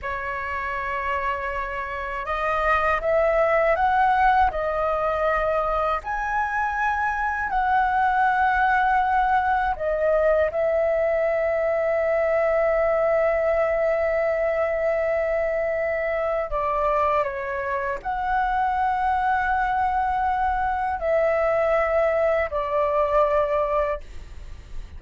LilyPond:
\new Staff \with { instrumentName = "flute" } { \time 4/4 \tempo 4 = 80 cis''2. dis''4 | e''4 fis''4 dis''2 | gis''2 fis''2~ | fis''4 dis''4 e''2~ |
e''1~ | e''2 d''4 cis''4 | fis''1 | e''2 d''2 | }